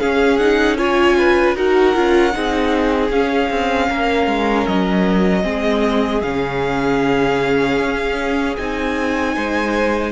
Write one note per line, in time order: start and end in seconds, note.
0.00 0.40 C#4
0.00 1.56 C#4
0.00 0.78 G#4
0.00 0.38 F5
0.38 0.78 D#4
0.38 0.77 F#5
0.78 1.56 F4
0.78 1.17 C#5
0.78 1.57 G#5
1.18 1.57 B4
1.56 1.95 D#4
1.56 1.95 F#4
1.56 2.35 A#4
1.56 3.12 F#5
1.95 2.35 C#4
1.95 2.33 F4
2.33 3.11 C4
2.33 3.11 D#4
2.33 3.90 G#4
3.11 3.50 C#4
3.11 5.43 C#4
3.11 4.68 F5
3.51 3.90 C4
3.90 4.27 A#3
3.90 5.43 A#4
4.27 4.66 G#3
4.68 5.45 F#3
4.68 6.23 D#5
5.43 6.23 G#3
5.43 6.21 C4
5.43 9.33 G#4
6.23 7.79 C#3
6.23 8.58 C#4
6.23 8.57 F5
7.79 8.57 C#4
8.57 9.37 C4
8.57 10.12 D#4
8.57 10.12 G#5
9.36 10.12 G#3
9.36 10.12 C5